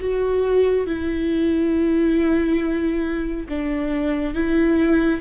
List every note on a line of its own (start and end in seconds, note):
0.00 0.87 F#4
0.87 3.47 E4
3.49 4.34 D4
4.34 5.21 E4